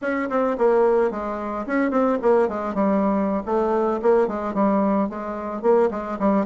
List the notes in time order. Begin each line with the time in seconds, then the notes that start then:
0.02 C#4
0.29 C4
0.58 A#3
1.10 G#3
1.66 C#4
1.90 C4
2.22 A#3
2.48 G#3
2.74 G3
3.45 A3
4.02 A#3
4.27 G#3
4.54 G3
5.09 G#3
5.61 A#3
5.90 G#3
6.19 G3